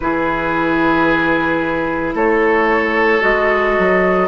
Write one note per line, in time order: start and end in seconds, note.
0.00 2.14 E3
0.00 3.20 E4
0.00 2.15 G#4
0.00 2.12 B4
2.14 3.21 A3
2.14 4.27 A4
2.14 3.22 C#5
3.20 3.77 G#3
3.20 4.27 F#4
3.20 4.27 D#5
3.78 4.27 F#3